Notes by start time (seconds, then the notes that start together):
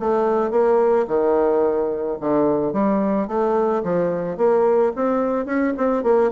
0.00 A3
0.51 A#3
1.08 D#3
2.21 D3
2.73 G3
3.28 A3
3.84 F3
4.38 A#3
4.96 C4
5.46 C#4
5.77 C4
6.03 A#3